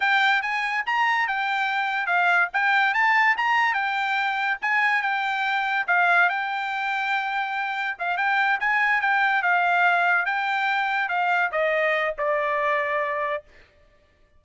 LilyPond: \new Staff \with { instrumentName = "trumpet" } { \time 4/4 \tempo 4 = 143 g''4 gis''4 ais''4 g''4~ | g''4 f''4 g''4 a''4 | ais''4 g''2 gis''4 | g''2 f''4 g''4~ |
g''2. f''8 g''8~ | g''8 gis''4 g''4 f''4.~ | f''8 g''2 f''4 dis''8~ | dis''4 d''2. | }